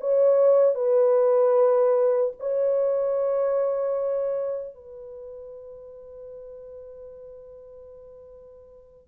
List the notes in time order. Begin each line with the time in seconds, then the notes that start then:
0.00 C#5
0.74 B4
2.39 C#5
4.74 B4